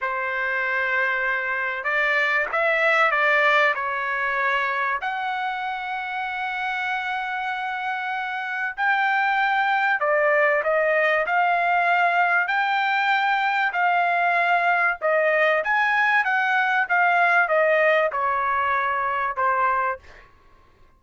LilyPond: \new Staff \with { instrumentName = "trumpet" } { \time 4/4 \tempo 4 = 96 c''2. d''4 | e''4 d''4 cis''2 | fis''1~ | fis''2 g''2 |
d''4 dis''4 f''2 | g''2 f''2 | dis''4 gis''4 fis''4 f''4 | dis''4 cis''2 c''4 | }